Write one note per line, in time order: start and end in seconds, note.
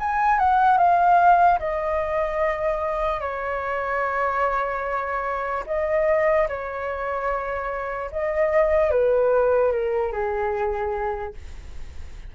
0.00 0.39 G#5
0.39 0.78 F#5
0.78 1.59 F5
1.60 3.21 D#5
3.21 5.64 C#5
5.67 6.48 D#5
6.49 8.11 C#5
8.12 8.91 D#5
8.91 9.72 B4
9.73 10.13 A#4
10.13 11.34 G#4